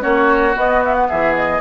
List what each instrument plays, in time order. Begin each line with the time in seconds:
0.00 bassoon A#3, clarinet C#4, oboe F#4, flute C#5
0.55 clarinet B3, bassoon B3, flute D#5
0.85 flute E5
0.94 flute F#5
1.09 bassoon E3, oboe G#4, flute E5
1.35 flute D#5